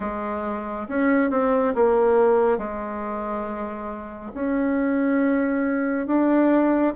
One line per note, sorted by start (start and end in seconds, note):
0.00 0.87 G#3
0.88 1.30 C#4
1.30 1.74 C4
1.74 2.58 A#3
2.58 4.32 G#3
4.34 6.06 C#4
6.06 6.93 D4